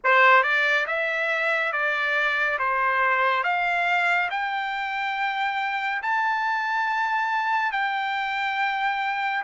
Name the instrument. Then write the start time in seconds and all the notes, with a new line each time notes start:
trumpet
0.04 C5
0.43 D5
0.86 E5
1.72 D5
2.58 C5
3.43 F5
4.30 G5
6.02 A5
7.71 G5